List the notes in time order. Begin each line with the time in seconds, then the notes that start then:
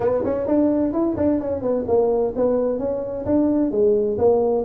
0.00 B3
0.24 C#4
0.47 D4
0.92 E4
1.16 D4
1.40 C#4
1.61 B3
1.87 A#3
2.36 B3
2.78 C#4
3.25 D4
3.71 G#3
4.18 A#3